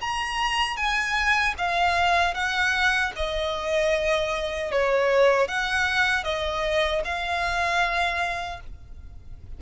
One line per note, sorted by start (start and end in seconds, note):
0.00 0.76 A#5
0.76 1.54 G#5
1.57 2.34 F5
2.34 3.12 F#5
3.15 4.71 D#5
4.71 5.48 C#5
5.48 6.23 F#5
6.23 7.01 D#5
7.04 8.60 F5